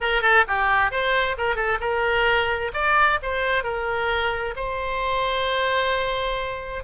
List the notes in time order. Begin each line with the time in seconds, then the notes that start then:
0.00 A#4
0.21 A4
0.47 G4
0.91 C5
1.37 A#4
1.55 A4
1.80 A#4
2.73 D5
3.22 C5
3.63 A#4
4.56 C5